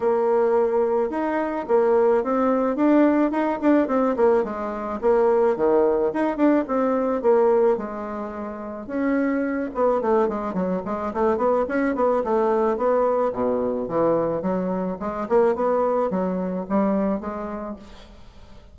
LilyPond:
\new Staff \with { instrumentName = "bassoon" } { \time 4/4 \tempo 4 = 108 ais2 dis'4 ais4 | c'4 d'4 dis'8 d'8 c'8 ais8 | gis4 ais4 dis4 dis'8 d'8 | c'4 ais4 gis2 |
cis'4. b8 a8 gis8 fis8 gis8 | a8 b8 cis'8 b8 a4 b4 | b,4 e4 fis4 gis8 ais8 | b4 fis4 g4 gis4 | }